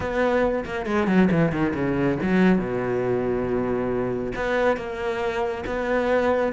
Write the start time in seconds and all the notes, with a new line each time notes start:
0.00 B3
0.64 A#3
0.85 G#3
1.07 F#3
1.31 E3
1.52 D#3
1.74 C#3
2.22 F#3
2.58 B2
4.35 B3
4.76 A#3
5.66 B3